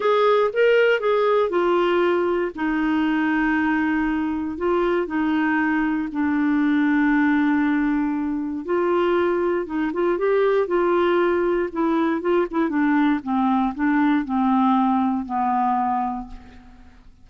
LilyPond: \new Staff \with { instrumentName = "clarinet" } { \time 4/4 \tempo 4 = 118 gis'4 ais'4 gis'4 f'4~ | f'4 dis'2.~ | dis'4 f'4 dis'2 | d'1~ |
d'4 f'2 dis'8 f'8 | g'4 f'2 e'4 | f'8 e'8 d'4 c'4 d'4 | c'2 b2 | }